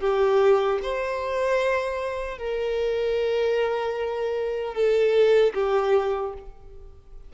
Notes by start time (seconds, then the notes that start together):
0.00 G4
0.82 C5
2.38 A#4
4.74 A4
5.54 G4